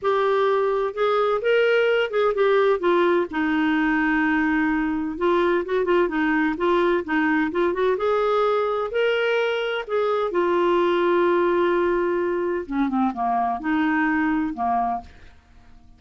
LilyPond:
\new Staff \with { instrumentName = "clarinet" } { \time 4/4 \tempo 4 = 128 g'2 gis'4 ais'4~ | ais'8 gis'8 g'4 f'4 dis'4~ | dis'2. f'4 | fis'8 f'8 dis'4 f'4 dis'4 |
f'8 fis'8 gis'2 ais'4~ | ais'4 gis'4 f'2~ | f'2. cis'8 c'8 | ais4 dis'2 ais4 | }